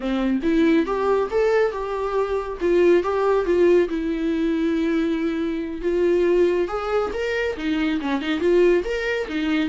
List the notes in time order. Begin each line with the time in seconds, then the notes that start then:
0.00 C4
0.42 E4
0.86 G4
1.31 A4
1.71 G4
2.60 F4
3.03 G4
3.45 F4
3.88 E4
5.81 F4
6.68 G#4
7.13 A#4
7.57 D#4
8.00 C#4
8.21 D#4
8.40 F4
8.84 A#4
9.28 D#4